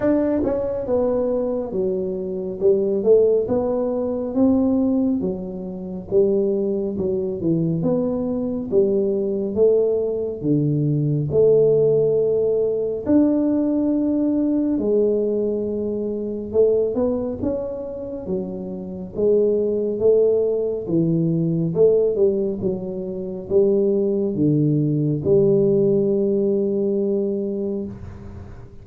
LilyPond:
\new Staff \with { instrumentName = "tuba" } { \time 4/4 \tempo 4 = 69 d'8 cis'8 b4 fis4 g8 a8 | b4 c'4 fis4 g4 | fis8 e8 b4 g4 a4 | d4 a2 d'4~ |
d'4 gis2 a8 b8 | cis'4 fis4 gis4 a4 | e4 a8 g8 fis4 g4 | d4 g2. | }